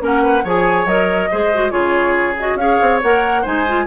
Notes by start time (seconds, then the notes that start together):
0.00 A#3 C#4 A#4 F#5
0.23 B4
0.44 F3 G#4 C#5 G#5
0.86 F#3 A#4 D#5
1.31 G#3 G#4 C5
1.54 F#4
1.71 C#3 F4 G#4 C#5
2.39 F#4 D#5
2.55 C#4 G#4 C#5 F5
2.82 C4
3.03 A#3 A#4 F#5
3.42 G#3 D#4 C5 G#5
3.68 F4